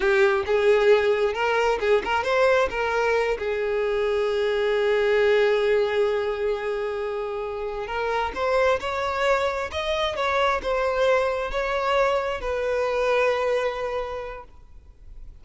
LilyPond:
\new Staff \with { instrumentName = "violin" } { \time 4/4 \tempo 4 = 133 g'4 gis'2 ais'4 | gis'8 ais'8 c''4 ais'4. gis'8~ | gis'1~ | gis'1~ |
gis'4. ais'4 c''4 cis''8~ | cis''4. dis''4 cis''4 c''8~ | c''4. cis''2 b'8~ | b'1 | }